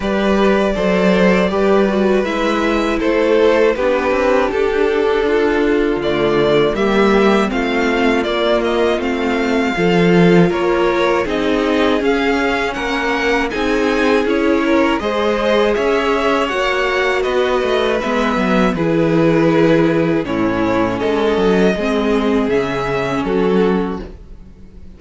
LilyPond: <<
  \new Staff \with { instrumentName = "violin" } { \time 4/4 \tempo 4 = 80 d''2. e''4 | c''4 b'4 a'2 | d''4 e''4 f''4 d''8 dis''8 | f''2 cis''4 dis''4 |
f''4 fis''4 gis''4 cis''4 | dis''4 e''4 fis''4 dis''4 | e''4 b'2 cis''4 | dis''2 e''4 a'4 | }
  \new Staff \with { instrumentName = "violin" } { \time 4/4 b'4 c''4 b'2 | a'4 g'2 f'4~ | f'4 g'4 f'2~ | f'4 a'4 ais'4 gis'4~ |
gis'4 ais'4 gis'4. ais'8 | c''4 cis''2 b'4~ | b'4 gis'2 e'4 | a'4 gis'2 fis'4 | }
  \new Staff \with { instrumentName = "viola" } { \time 4/4 g'4 a'4 g'8 fis'8 e'4~ | e'4 d'2. | a4 ais4 c'4 ais4 | c'4 f'2 dis'4 |
cis'2 dis'4 e'4 | gis'2 fis'2 | b4 e'2 cis'4~ | cis'4 c'4 cis'2 | }
  \new Staff \with { instrumentName = "cello" } { \time 4/4 g4 fis4 g4 gis4 | a4 b8 c'8 d'2 | d4 g4 a4 ais4 | a4 f4 ais4 c'4 |
cis'4 ais4 c'4 cis'4 | gis4 cis'4 ais4 b8 a8 | gis8 fis8 e2 a,4 | gis8 fis8 gis4 cis4 fis4 | }
>>